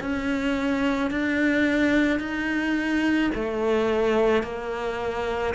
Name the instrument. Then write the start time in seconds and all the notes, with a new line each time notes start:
cello
0.00 C#4
1.10 D4
2.19 D#4
3.34 A3
4.42 A#3